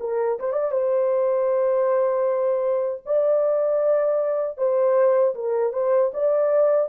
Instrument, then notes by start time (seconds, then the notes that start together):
horn
0.00 A#4
0.40 C5
0.52 D5
0.72 C5
3.06 D5
4.57 C5
5.35 A#4
5.73 C5
6.14 D5